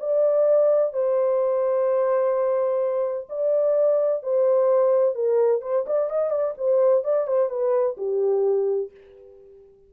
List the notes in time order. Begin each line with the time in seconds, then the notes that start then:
0.00 D5
0.94 C5
3.29 D5
4.23 C5
5.15 A#4
5.62 C5
5.87 D5
6.10 D#5
6.31 D5
6.58 C5
7.04 D5
7.27 C5
7.50 B4
7.97 G4